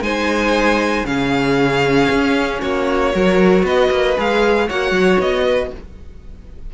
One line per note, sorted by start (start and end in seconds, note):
0.00 1.03 G#3
0.00 1.06 D#4
0.00 1.07 C5
0.00 1.05 G#5
1.05 2.08 C#3
1.05 3.12 C#4
1.05 2.61 G#4
1.05 2.60 F5
2.10 2.62 C#4
2.61 3.14 A#3
2.61 3.12 F#4
2.61 3.65 C#5
3.12 3.63 F#3
3.12 4.16 F#4
3.12 3.64 A#4
3.63 3.89 B3
3.63 4.67 B4
3.63 4.18 D#5
3.91 4.16 A#3
4.16 4.70 G#3
4.16 4.68 G#4
4.16 4.69 F5
4.67 4.91 A#3
4.67 5.73 F#4
4.67 5.44 C#5
4.67 5.20 F#5
4.91 5.17 F#3
5.18 5.70 B3
5.18 5.72 D#5
5.44 5.70 B4